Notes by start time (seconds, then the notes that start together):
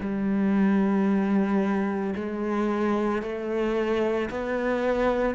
0.00 G3
2.15 G#3
3.22 A3
4.30 B3